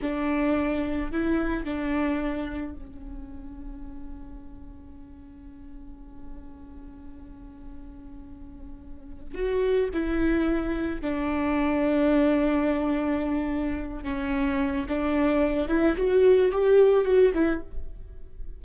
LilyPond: \new Staff \with { instrumentName = "viola" } { \time 4/4 \tempo 4 = 109 d'2 e'4 d'4~ | d'4 cis'2.~ | cis'1~ | cis'1~ |
cis'4 fis'4 e'2 | d'1~ | d'4. cis'4. d'4~ | d'8 e'8 fis'4 g'4 fis'8 e'8 | }